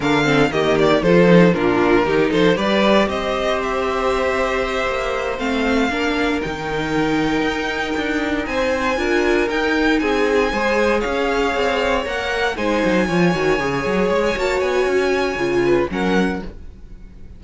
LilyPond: <<
  \new Staff \with { instrumentName = "violin" } { \time 4/4 \tempo 4 = 117 f''4 dis''8 d''8 c''4 ais'4~ | ais'8 c''8 d''4 dis''4 e''4~ | e''2~ e''8 f''4.~ | f''8 g''2.~ g''8~ |
g''8 gis''2 g''4 gis''8~ | gis''4. f''2 fis''8~ | fis''8 gis''2. cis''16 gis''16 | a''8 gis''2~ gis''8 fis''4 | }
  \new Staff \with { instrumentName = "violin" } { \time 4/4 ais'8 a'8 g'4 a'4 f'4 | g'8 a'8 b'4 c''2~ | c''2.~ c''8 ais'8~ | ais'1~ |
ais'8 c''4 ais'2 gis'8~ | gis'8 c''4 cis''2~ cis''8~ | cis''8 c''4 cis''2~ cis''8~ | cis''2~ cis''8 b'8 ais'4 | }
  \new Staff \with { instrumentName = "viola" } { \time 4/4 d'8 c'8 ais4 f'8 dis'8 d'4 | dis'4 g'2.~ | g'2~ g'8 c'4 d'8~ | d'8 dis'2.~ dis'8~ |
dis'4. f'4 dis'4.~ | dis'8 gis'2. ais'8~ | ais'8 dis'4 f'8 fis'8 gis'4. | fis'2 f'4 cis'4 | }
  \new Staff \with { instrumentName = "cello" } { \time 4/4 d4 dis4 f4 ais,4 | dis8 f8 g4 c'2~ | c'4. ais4 a4 ais8~ | ais8 dis2 dis'4 d'8~ |
d'8 c'4 d'4 dis'4 c'8~ | c'8 gis4 cis'4 c'4 ais8~ | ais8 gis8 fis8 f8 dis8 cis8 fis8 gis8 | ais8 b8 cis'4 cis4 fis4 | }
>>